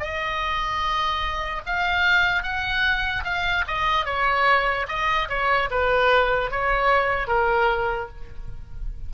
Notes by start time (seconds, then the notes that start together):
0.00 D#5
1.66 F5
2.43 F#5
3.24 F5
3.68 D#5
4.06 C#5
4.88 D#5
5.29 C#5
5.71 B4
6.52 C#5
7.28 A#4